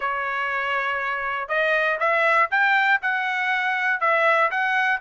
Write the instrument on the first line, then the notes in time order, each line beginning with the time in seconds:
trumpet
0.00 C#5
1.48 D#5
1.99 E5
2.50 G5
3.02 F#5
4.00 E5
4.50 F#5